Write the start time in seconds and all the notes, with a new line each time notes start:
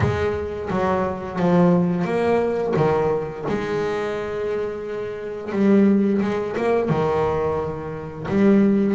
0.00 G#3
0.70 F#3
1.39 F3
2.04 A#3
2.76 D#3
3.48 G#3
5.52 G3
6.21 G#3
6.56 A#3
6.89 D#3
8.28 G3